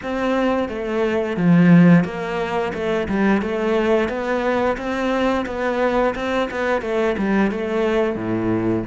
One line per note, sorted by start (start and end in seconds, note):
0.02 0.68 C4
0.68 1.36 A3
1.36 2.04 F3
2.04 2.72 A#3
2.73 3.07 A3
3.08 3.41 G3
3.41 4.08 A3
4.08 4.77 B3
4.77 5.45 C4
5.46 6.14 B3
6.15 6.49 C4
6.50 6.82 B3
6.82 7.16 A3
7.17 7.51 G3
7.51 8.15 A3
8.15 8.83 A2